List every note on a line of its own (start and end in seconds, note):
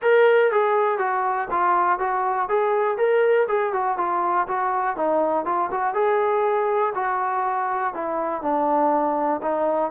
0.02 0.51 A#4
0.51 0.98 G#4
0.98 1.47 F#4
1.50 1.99 F4
1.99 2.48 F#4
2.49 2.97 G#4
2.97 3.47 A#4
3.48 3.72 G#4
3.72 3.97 F#4
3.97 4.47 F4
4.47 4.96 F#4
4.96 5.45 D#4
5.45 5.70 F4
5.71 5.94 F#4
5.94 6.93 G#4
6.94 7.93 F#4
7.93 8.41 E4
8.41 9.41 D4
9.42 9.91 D#4